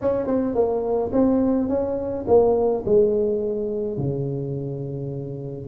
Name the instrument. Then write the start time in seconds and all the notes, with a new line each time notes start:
tuba
0.01 C#4
0.26 C4
0.54 A#3
1.12 C4
1.68 C#4
2.27 A#3
2.85 G#3
3.97 C#3